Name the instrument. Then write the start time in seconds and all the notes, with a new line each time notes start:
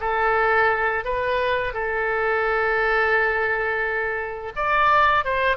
oboe
0.00 A4
1.05 B4
1.73 A4
4.55 D5
5.25 C5